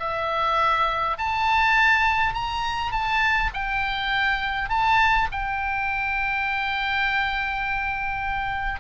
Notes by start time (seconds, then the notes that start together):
0.00 E5
1.18 A5
2.34 A#5
2.92 A5
3.54 G5
4.70 A5
5.32 G5